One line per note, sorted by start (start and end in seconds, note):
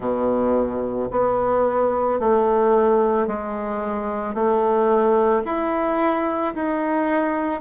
0.00 1.09 B2
1.11 2.19 B3
2.19 3.27 A3
3.27 4.34 G#3
4.34 5.43 A3
5.44 6.54 E4
6.55 7.61 D#4